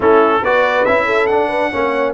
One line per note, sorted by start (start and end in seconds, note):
0.00 0.42 A3
0.00 0.42 C#4
0.00 0.43 E4
0.00 0.44 A4
0.42 0.85 B3
0.42 0.86 F#4
0.42 1.05 B4
0.42 0.85 D5
0.85 1.29 C#4
0.85 1.29 E4
0.85 1.26 E5
1.05 1.48 A4
1.26 1.72 D4
1.26 2.12 F#5
1.48 1.69 B4
1.71 2.13 A#3
1.71 2.13 C#4
1.71 2.13 C#5